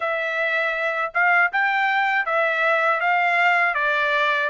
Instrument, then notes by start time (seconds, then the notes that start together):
trumpet
0.00 E5
1.14 F5
1.52 G5
2.25 E5
3.00 F5
3.74 D5